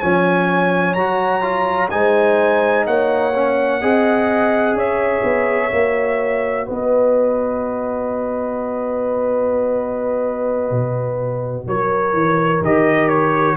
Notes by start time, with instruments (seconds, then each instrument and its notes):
0.00 tuba F3, trombone C#4, horn C#5, trumpet G#5
0.94 tuba F#3, trombone F#4, trumpet A#5
1.41 trombone F4
1.90 tuba G#3, trombone D#4, horn C5, trumpet G#5
2.87 tuba A#3, horn C#5, trumpet F#5
3.34 trombone C#4
3.81 tuba C4, trombone G#4, horn D#5
4.73 tuba C#4, horn C#5, trumpet E5
5.23 tuba B3
5.71 tuba A#3, trombone F#4
6.66 tuba B3, horn B4, trumpet D#5
10.71 tuba B2
11.66 tuba F#3, horn A#4, trumpet C#5
12.13 tuba E3
12.61 tuba D#3, trombone G4, trumpet D#5
13.09 trumpet C#5